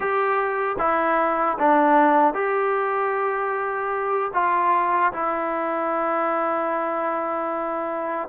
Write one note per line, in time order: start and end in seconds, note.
0.00 0.76 G4
0.78 1.57 E4
1.58 2.34 D4
2.34 4.31 G4
4.33 5.12 F4
5.12 8.28 E4